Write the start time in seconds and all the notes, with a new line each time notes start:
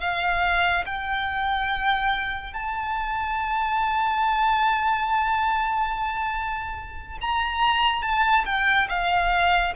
0.00 F5
0.86 G5
2.54 A5
7.21 A#5
8.02 A5
8.45 G5
8.88 F5